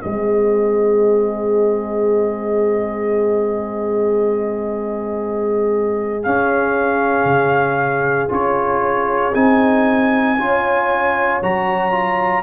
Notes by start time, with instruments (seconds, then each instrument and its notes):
0.00 tuba G#3, trombone C4, horn G#4, trumpet D#5
6.23 tuba C#4, trombone C#4, trumpet F5
7.24 tuba C#3
8.29 tuba C#4, trombone F4, trumpet C#5
9.34 tuba C4, trombone D#4, trumpet G#5
10.38 tuba C#4, trombone F4, horn C#5
11.42 tuba F#3, trombone F#4, trumpet A#5
11.91 trombone F4